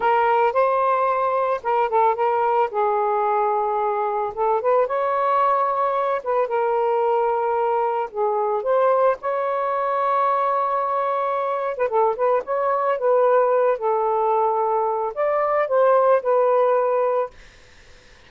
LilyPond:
\new Staff \with { instrumentName = "saxophone" } { \time 4/4 \tempo 4 = 111 ais'4 c''2 ais'8 a'8 | ais'4 gis'2. | a'8 b'8 cis''2~ cis''8 b'8 | ais'2. gis'4 |
c''4 cis''2.~ | cis''4.~ cis''16 b'16 a'8 b'8 cis''4 | b'4. a'2~ a'8 | d''4 c''4 b'2 | }